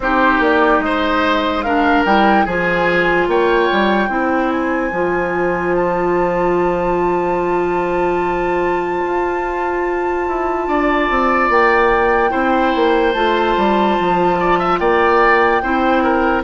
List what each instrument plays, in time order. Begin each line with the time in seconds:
0.00 bassoon C4, clarinet D#4, oboe G4, flute C5
0.39 bassoon A#3, flute D5
0.79 bassoon G#3, oboe C5, flute D#5
1.62 clarinet D4, oboe A#4, flute F5
2.05 bassoon G3, clarinet E4, flute G5
2.45 bassoon F3, clarinet F4, oboe G#4, flute G#5
3.27 bassoon A#3, oboe C#5, flute G5
3.72 bassoon G3
4.08 bassoon C4, clarinet E4, oboe C5
4.51 flute G#5
4.91 bassoon F3, clarinet F4
5.75 flute A5
9.05 bassoon F4
10.28 bassoon E4
10.67 bassoon D4, oboe D5
11.09 bassoon C4
11.49 bassoon A#3, flute G5
12.29 bassoon C4, clarinet E4, oboe C5
12.75 bassoon A#3
13.12 bassoon A3, clarinet F4, flute A5
13.56 bassoon G3
13.99 bassoon F3
14.40 oboe D5
14.58 oboe E5
14.78 bassoon A#3, oboe D5, flute G5
15.62 bassoon C4, clarinet E4, oboe C5
16.03 oboe A#4